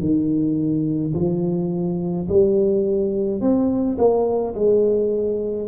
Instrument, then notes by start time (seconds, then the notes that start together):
tuba
0.00 D#3
1.14 F3
2.28 G3
3.41 C4
3.98 A#3
4.54 G#3